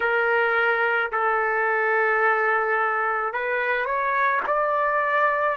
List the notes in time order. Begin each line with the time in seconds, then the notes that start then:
0.00 A#4
1.12 A4
3.33 B4
3.85 C#5
4.46 D5